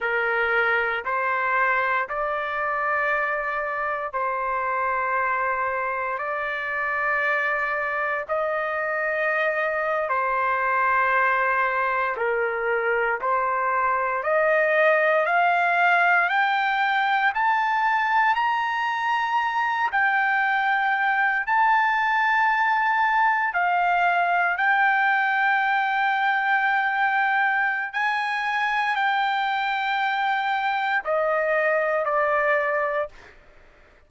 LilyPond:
\new Staff \with { instrumentName = "trumpet" } { \time 4/4 \tempo 4 = 58 ais'4 c''4 d''2 | c''2 d''2 | dis''4.~ dis''16 c''2 ais'16~ | ais'8. c''4 dis''4 f''4 g''16~ |
g''8. a''4 ais''4. g''8.~ | g''8. a''2 f''4 g''16~ | g''2. gis''4 | g''2 dis''4 d''4 | }